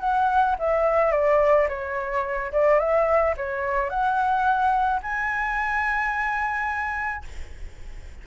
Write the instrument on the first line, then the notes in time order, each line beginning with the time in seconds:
flute
0.00 F#5
0.59 E5
1.12 D5
1.68 C#5
2.52 D5
2.79 E5
3.37 C#5
3.89 F#5
5.02 G#5